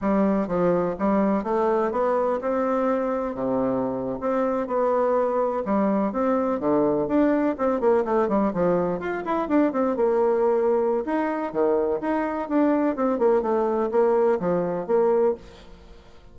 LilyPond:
\new Staff \with { instrumentName = "bassoon" } { \time 4/4 \tempo 4 = 125 g4 f4 g4 a4 | b4 c'2 c4~ | c8. c'4 b2 g16~ | g8. c'4 d4 d'4 c'16~ |
c'16 ais8 a8 g8 f4 f'8 e'8 d'16~ | d'16 c'8 ais2~ ais16 dis'4 | dis4 dis'4 d'4 c'8 ais8 | a4 ais4 f4 ais4 | }